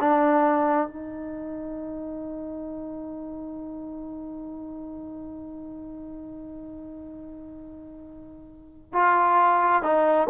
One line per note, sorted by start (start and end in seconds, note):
0.00 0.87 D4
0.87 8.93 D#4
8.93 9.82 F4
9.82 10.27 D#4